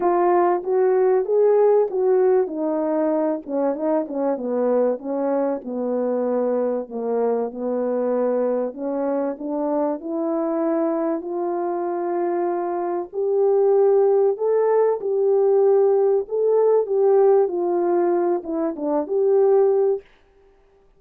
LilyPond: \new Staff \with { instrumentName = "horn" } { \time 4/4 \tempo 4 = 96 f'4 fis'4 gis'4 fis'4 | dis'4. cis'8 dis'8 cis'8 b4 | cis'4 b2 ais4 | b2 cis'4 d'4 |
e'2 f'2~ | f'4 g'2 a'4 | g'2 a'4 g'4 | f'4. e'8 d'8 g'4. | }